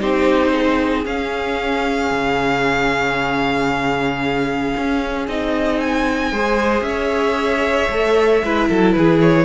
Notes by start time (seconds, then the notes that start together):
0.00 C4 D#4 G4 C5
0.52 G#4
1.05 C#4 F5
2.11 C#3
4.77 C#4
5.27 C4 D#4 D#5
5.80 G#5
6.32 G#3 G#4 C5
6.81 C#4 E5
6.88 C#5
7.90 A3 A4
8.43 G#3 E4 B4
8.69 F#3 A4
8.92 E3 G#4 B4
9.21 C#5